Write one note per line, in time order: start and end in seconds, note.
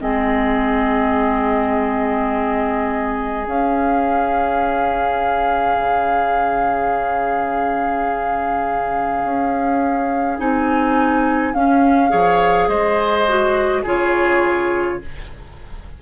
0.00 3.47 G#3
0.00 3.46 C4
0.00 12.11 G#4
0.00 3.47 D#5
3.46 10.38 C#4
3.46 5.78 C#4
3.46 10.39 F5
5.79 9.24 C#3
9.24 10.39 C#4
10.38 11.54 C4
10.38 11.54 D#4
10.38 11.54 G#5
11.54 12.12 C#4
11.54 12.10 C#4
11.54 12.69 F5
12.10 12.68 F3
12.10 13.25 G#4
12.10 12.69 C#5
12.68 13.83 G#3
12.68 13.83 C5
12.68 13.84 D#5
13.29 13.86 F#4
13.83 15.00 C#3
13.83 15.01 F4
13.83 14.98 G#4
13.83 15.02 C#5